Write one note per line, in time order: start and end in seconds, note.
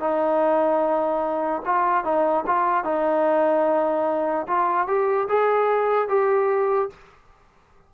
0.00 1.62 D#4
1.65 2.04 F4
2.04 2.45 D#4
2.47 2.84 F4
2.84 4.46 D#4
4.47 4.87 F4
4.87 5.28 G4
5.29 6.09 G#4
6.09 6.90 G4